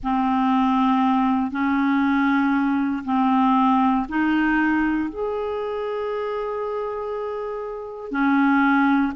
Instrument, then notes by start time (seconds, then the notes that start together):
clarinet
0.03 C4
1.51 C#4
3.05 C4
4.09 D#4
5.09 G#4
8.11 C#4